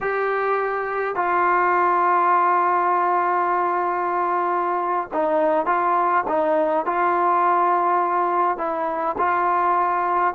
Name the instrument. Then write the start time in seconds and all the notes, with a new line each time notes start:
trombone
0.01 G4
1.15 F4
5.13 D#4
5.65 F4
6.28 D#4
6.85 F4
8.57 E4
9.18 F4